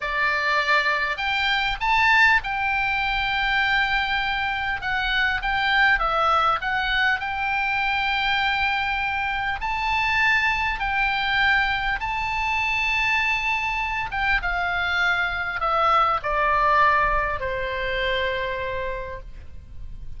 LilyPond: \new Staff \with { instrumentName = "oboe" } { \time 4/4 \tempo 4 = 100 d''2 g''4 a''4 | g''1 | fis''4 g''4 e''4 fis''4 | g''1 |
a''2 g''2 | a''2.~ a''8 g''8 | f''2 e''4 d''4~ | d''4 c''2. | }